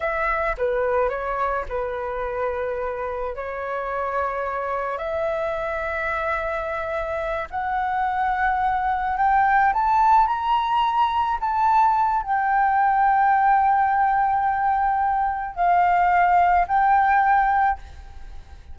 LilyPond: \new Staff \with { instrumentName = "flute" } { \time 4/4 \tempo 4 = 108 e''4 b'4 cis''4 b'4~ | b'2 cis''2~ | cis''4 e''2.~ | e''4. fis''2~ fis''8~ |
fis''8 g''4 a''4 ais''4.~ | ais''8 a''4. g''2~ | g''1 | f''2 g''2 | }